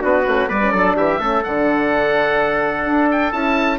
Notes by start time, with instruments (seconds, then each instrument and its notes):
0.00 bassoon B3, horn D4, trumpet F#4, oboe B4
0.25 bassoon A3, horn C#4
0.48 bassoon G3, horn B3, trumpet B4, oboe D5
0.61 horn C#4
0.71 bassoon F#3, horn D4, trumpet A4
0.96 bassoon E3, trumpet G4, oboe E5
1.19 bassoon A3, horn C#4, trumpet A4
1.44 bassoon D3, horn D4, oboe F#5
2.85 bassoon D4
3.11 oboe G5
3.32 bassoon C#4, horn E4, oboe A5